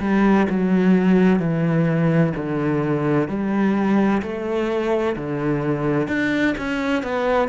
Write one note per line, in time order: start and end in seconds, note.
0.00 0.47 G3
0.50 1.39 F#3
1.39 2.33 E3
2.37 3.28 D3
3.28 4.22 G3
4.22 5.16 A3
5.16 6.08 D3
6.08 6.55 D4
6.58 7.03 C#4
7.03 7.49 B3